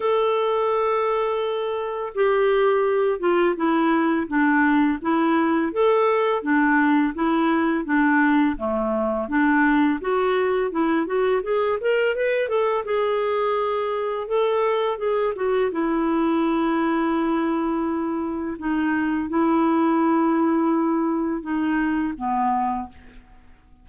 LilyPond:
\new Staff \with { instrumentName = "clarinet" } { \time 4/4 \tempo 4 = 84 a'2. g'4~ | g'8 f'8 e'4 d'4 e'4 | a'4 d'4 e'4 d'4 | a4 d'4 fis'4 e'8 fis'8 |
gis'8 ais'8 b'8 a'8 gis'2 | a'4 gis'8 fis'8 e'2~ | e'2 dis'4 e'4~ | e'2 dis'4 b4 | }